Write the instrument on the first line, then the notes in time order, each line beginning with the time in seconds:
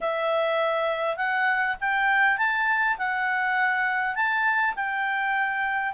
clarinet
0.00 E5
1.17 F#5
1.80 G5
2.37 A5
2.97 F#5
4.14 A5
4.75 G5